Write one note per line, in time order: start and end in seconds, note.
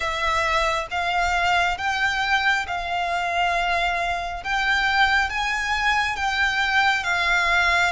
0.00 0.87 E5
0.90 1.77 F5
1.77 2.66 G5
2.67 4.43 F5
4.43 5.29 G5
5.29 6.15 G#5
6.15 7.03 G5
7.03 7.92 F5